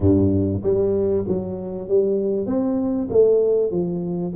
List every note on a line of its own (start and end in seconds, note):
0.00 0.61 G2
0.63 1.25 G3
1.27 1.88 F#3
1.88 2.46 G3
2.46 3.08 C4
3.10 3.71 A3
3.71 4.32 F3